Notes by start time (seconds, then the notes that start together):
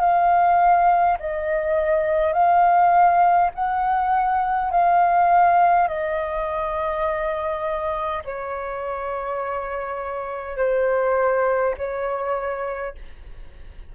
0.00 F5
1.19 D#5
2.33 F5
3.55 F#5
4.71 F5
5.88 D#5
8.25 C#5
10.57 C5
11.78 C#5